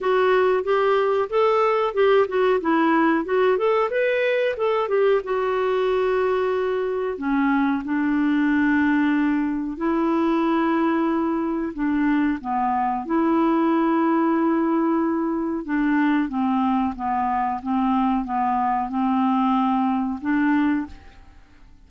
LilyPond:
\new Staff \with { instrumentName = "clarinet" } { \time 4/4 \tempo 4 = 92 fis'4 g'4 a'4 g'8 fis'8 | e'4 fis'8 a'8 b'4 a'8 g'8 | fis'2. cis'4 | d'2. e'4~ |
e'2 d'4 b4 | e'1 | d'4 c'4 b4 c'4 | b4 c'2 d'4 | }